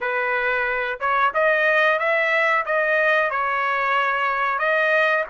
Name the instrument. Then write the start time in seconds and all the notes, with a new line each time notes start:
trumpet
0.00 B4
1.00 C#5
1.34 D#5
1.99 E5
2.65 D#5
3.30 C#5
4.58 D#5